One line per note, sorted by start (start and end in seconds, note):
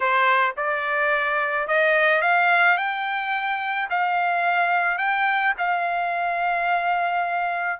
0.00 0.54 C5
0.56 1.67 D5
1.67 2.21 D#5
2.21 2.77 F5
2.77 3.88 G5
3.90 4.97 F5
4.97 5.53 G5
5.58 7.80 F5